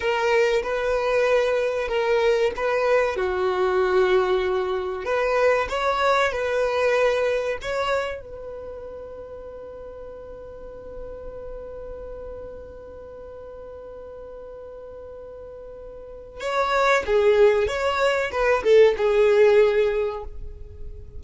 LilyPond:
\new Staff \with { instrumentName = "violin" } { \time 4/4 \tempo 4 = 95 ais'4 b'2 ais'4 | b'4 fis'2. | b'4 cis''4 b'2 | cis''4 b'2.~ |
b'1~ | b'1~ | b'2 cis''4 gis'4 | cis''4 b'8 a'8 gis'2 | }